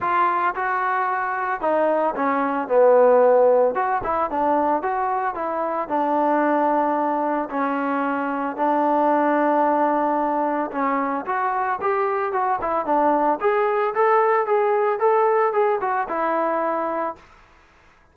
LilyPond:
\new Staff \with { instrumentName = "trombone" } { \time 4/4 \tempo 4 = 112 f'4 fis'2 dis'4 | cis'4 b2 fis'8 e'8 | d'4 fis'4 e'4 d'4~ | d'2 cis'2 |
d'1 | cis'4 fis'4 g'4 fis'8 e'8 | d'4 gis'4 a'4 gis'4 | a'4 gis'8 fis'8 e'2 | }